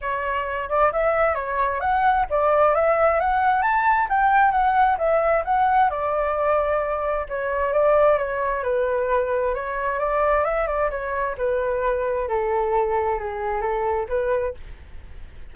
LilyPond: \new Staff \with { instrumentName = "flute" } { \time 4/4 \tempo 4 = 132 cis''4. d''8 e''4 cis''4 | fis''4 d''4 e''4 fis''4 | a''4 g''4 fis''4 e''4 | fis''4 d''2. |
cis''4 d''4 cis''4 b'4~ | b'4 cis''4 d''4 e''8 d''8 | cis''4 b'2 a'4~ | a'4 gis'4 a'4 b'4 | }